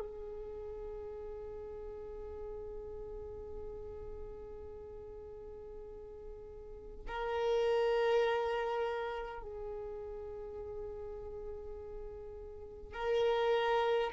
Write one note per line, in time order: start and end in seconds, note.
0.00 7.06 G#4
7.07 9.42 A#4
9.42 12.93 G#4
12.93 14.11 A#4